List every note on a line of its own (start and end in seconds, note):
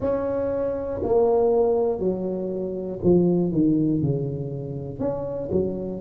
0.00 1.00 C#4
1.03 1.99 A#3
1.99 2.99 F#3
3.03 3.51 F3
3.51 4.01 D#3
4.01 4.99 C#3
4.99 5.49 C#4
5.51 6.00 F#3